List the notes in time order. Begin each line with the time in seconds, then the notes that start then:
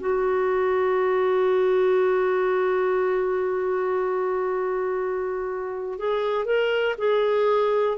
0.00 F#4
5.99 G#4
6.45 A#4
6.99 G#4